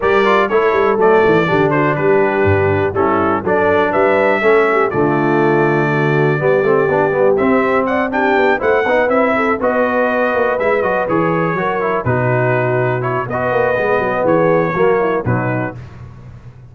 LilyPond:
<<
  \new Staff \with { instrumentName = "trumpet" } { \time 4/4 \tempo 4 = 122 d''4 cis''4 d''4. c''8 | b'2 a'4 d''4 | e''2 d''2~ | d''2. e''4 |
fis''8 g''4 fis''4 e''4 dis''8~ | dis''4. e''8 dis''8 cis''4.~ | cis''8 b'2 cis''8 dis''4~ | dis''4 cis''2 b'4 | }
  \new Staff \with { instrumentName = "horn" } { \time 4/4 ais'4 a'2 g'8 fis'8 | g'2 e'4 a'4 | b'4 a'8 g'8 f'2 | fis'4 g'2. |
d''8 g'4 c''8 b'4 a'8 b'8~ | b'2.~ b'8 ais'8~ | ais'8 fis'2~ fis'8 b'4~ | b'4 gis'4 fis'8 e'8 dis'4 | }
  \new Staff \with { instrumentName = "trombone" } { \time 4/4 g'8 f'8 e'4 a4 d'4~ | d'2 cis'4 d'4~ | d'4 cis'4 a2~ | a4 b8 c'8 d'8 b8 c'4~ |
c'8 d'4 e'8 dis'8 e'4 fis'8~ | fis'4. e'8 fis'8 gis'4 fis'8 | e'8 dis'2 e'8 fis'4 | b2 ais4 fis4 | }
  \new Staff \with { instrumentName = "tuba" } { \time 4/4 g4 a8 g8 fis8 e8 d4 | g4 g,4 g4 fis4 | g4 a4 d2~ | d4 g8 a8 b8 g8 c'4~ |
c'4 b8 a8 b8 c'4 b8~ | b4 ais8 gis8 fis8 e4 fis8~ | fis8 b,2~ b,8 b8 ais8 | gis8 fis8 e4 fis4 b,4 | }
>>